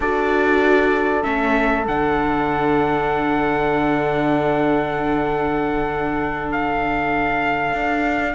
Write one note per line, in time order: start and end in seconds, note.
0.00 1.22 D4
0.00 1.23 F#4
0.00 8.34 A4
0.00 1.23 D5
1.23 1.87 A3
1.23 1.84 C#4
1.23 1.85 E5
1.87 7.73 D3
1.87 8.34 D4
1.87 6.51 F#5
6.51 8.34 F5
7.73 8.34 D4